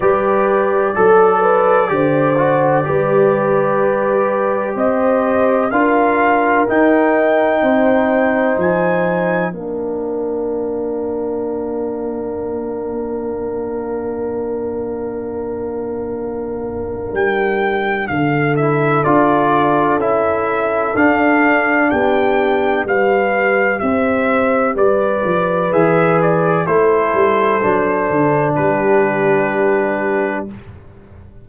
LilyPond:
<<
  \new Staff \with { instrumentName = "trumpet" } { \time 4/4 \tempo 4 = 63 d''1~ | d''4 dis''4 f''4 g''4~ | g''4 gis''4 f''2~ | f''1~ |
f''2 g''4 f''8 e''8 | d''4 e''4 f''4 g''4 | f''4 e''4 d''4 e''8 d''8 | c''2 b'2 | }
  \new Staff \with { instrumentName = "horn" } { \time 4/4 b'4 a'8 b'8 c''4 b'4~ | b'4 c''4 ais'2 | c''2 ais'2~ | ais'1~ |
ais'2. a'4~ | a'2. g'4 | b'4 c''4 b'2 | a'2 g'2 | }
  \new Staff \with { instrumentName = "trombone" } { \time 4/4 g'4 a'4 g'8 fis'8 g'4~ | g'2 f'4 dis'4~ | dis'2 d'2~ | d'1~ |
d'2.~ d'8 e'8 | f'4 e'4 d'2 | g'2. gis'4 | e'4 d'2. | }
  \new Staff \with { instrumentName = "tuba" } { \time 4/4 g4 fis4 d4 g4~ | g4 c'4 d'4 dis'4 | c'4 f4 ais2~ | ais1~ |
ais2 g4 d4 | d'4 cis'4 d'4 b4 | g4 c'4 g8 f8 e4 | a8 g8 fis8 d8 g2 | }
>>